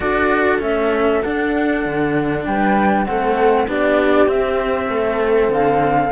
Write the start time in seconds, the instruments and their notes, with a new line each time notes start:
0.00 cello D4 F#4, viola A4, flute D5
0.59 cello A3 C#4, flute E5
1.22 cello D4, flute F#5
1.85 cello D3
2.45 cello G3, viola B4, flute G5
3.05 cello A3 C4, viola A4, flute F#5
3.67 cello B3 D4, viola G4, flute D5
4.27 cello C4, flute E5
4.88 cello A3, viola A4
5.48 cello D3, flute F5